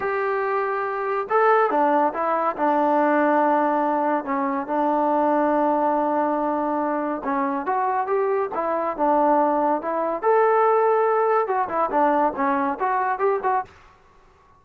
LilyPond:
\new Staff \with { instrumentName = "trombone" } { \time 4/4 \tempo 4 = 141 g'2. a'4 | d'4 e'4 d'2~ | d'2 cis'4 d'4~ | d'1~ |
d'4 cis'4 fis'4 g'4 | e'4 d'2 e'4 | a'2. fis'8 e'8 | d'4 cis'4 fis'4 g'8 fis'8 | }